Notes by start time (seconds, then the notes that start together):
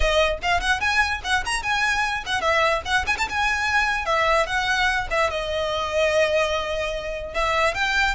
0.00 D#5
0.42 F5
0.60 F#5
0.80 G#5
1.24 F#5
1.45 A#5
1.62 G#5
2.26 F#5
2.41 E5
2.85 F#5
3.06 G#5
3.18 A5
3.29 G#5
4.05 E5
4.46 F#5
5.10 E5
5.30 D#5
7.34 E5
7.74 G5